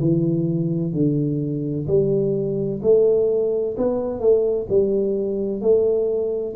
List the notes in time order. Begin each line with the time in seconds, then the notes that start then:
0.00 E3
0.93 D3
1.87 G3
2.83 A3
3.78 B3
4.21 A3
4.70 G3
5.61 A3